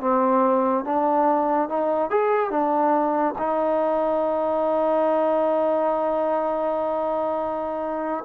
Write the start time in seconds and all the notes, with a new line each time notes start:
0.00 C4
0.85 D4
1.69 D#4
2.10 G#4
2.50 D4
3.38 D#4